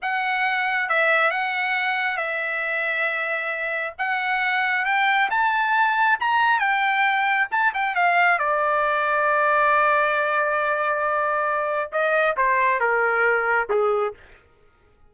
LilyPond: \new Staff \with { instrumentName = "trumpet" } { \time 4/4 \tempo 4 = 136 fis''2 e''4 fis''4~ | fis''4 e''2.~ | e''4 fis''2 g''4 | a''2 ais''4 g''4~ |
g''4 a''8 g''8 f''4 d''4~ | d''1~ | d''2. dis''4 | c''4 ais'2 gis'4 | }